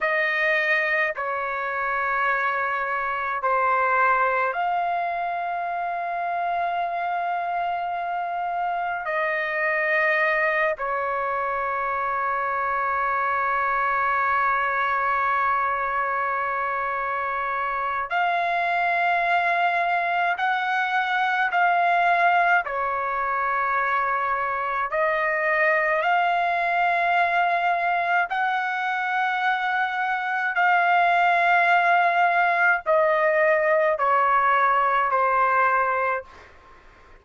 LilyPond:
\new Staff \with { instrumentName = "trumpet" } { \time 4/4 \tempo 4 = 53 dis''4 cis''2 c''4 | f''1 | dis''4. cis''2~ cis''8~ | cis''1 |
f''2 fis''4 f''4 | cis''2 dis''4 f''4~ | f''4 fis''2 f''4~ | f''4 dis''4 cis''4 c''4 | }